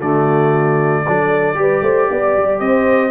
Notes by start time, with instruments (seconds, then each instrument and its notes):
0.00 tuba D3, trombone A3, horn F#4, trumpet D5
1.05 tuba F#3, trombone D4, horn A4
1.55 tuba G3, trombone G4, horn B4
1.82 tuba A3, horn C5
2.10 tuba B3, horn D5
2.37 tuba G3
2.60 tuba C4, horn C5, trumpet D#5